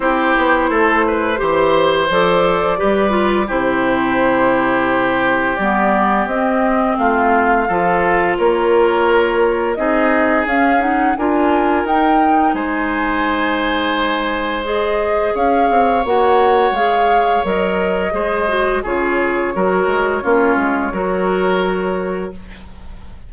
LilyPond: <<
  \new Staff \with { instrumentName = "flute" } { \time 4/4 \tempo 4 = 86 c''2. d''4~ | d''4 c''2. | d''4 dis''4 f''2 | cis''2 dis''4 f''8 fis''8 |
gis''4 g''4 gis''2~ | gis''4 dis''4 f''4 fis''4 | f''4 dis''2 cis''4~ | cis''1 | }
  \new Staff \with { instrumentName = "oboe" } { \time 4/4 g'4 a'8 b'8 c''2 | b'4 g'2.~ | g'2 f'4 a'4 | ais'2 gis'2 |
ais'2 c''2~ | c''2 cis''2~ | cis''2 c''4 gis'4 | ais'4 f'4 ais'2 | }
  \new Staff \with { instrumentName = "clarinet" } { \time 4/4 e'2 g'4 a'4 | g'8 f'8 e'2. | b4 c'2 f'4~ | f'2 dis'4 cis'8 dis'8 |
f'4 dis'2.~ | dis'4 gis'2 fis'4 | gis'4 ais'4 gis'8 fis'8 f'4 | fis'4 cis'4 fis'2 | }
  \new Staff \with { instrumentName = "bassoon" } { \time 4/4 c'8 b8 a4 e4 f4 | g4 c2. | g4 c'4 a4 f4 | ais2 c'4 cis'4 |
d'4 dis'4 gis2~ | gis2 cis'8 c'8 ais4 | gis4 fis4 gis4 cis4 | fis8 gis8 ais8 gis8 fis2 | }
>>